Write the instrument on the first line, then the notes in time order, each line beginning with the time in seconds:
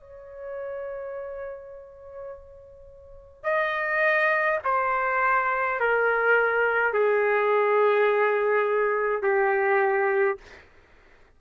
trumpet
0.00 C#5
3.44 D#5
4.64 C5
5.80 A#4
6.93 G#4
9.22 G4